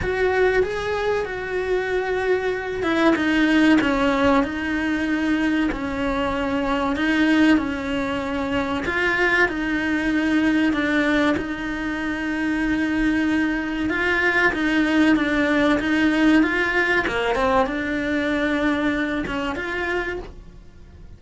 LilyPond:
\new Staff \with { instrumentName = "cello" } { \time 4/4 \tempo 4 = 95 fis'4 gis'4 fis'2~ | fis'8 e'8 dis'4 cis'4 dis'4~ | dis'4 cis'2 dis'4 | cis'2 f'4 dis'4~ |
dis'4 d'4 dis'2~ | dis'2 f'4 dis'4 | d'4 dis'4 f'4 ais8 c'8 | d'2~ d'8 cis'8 f'4 | }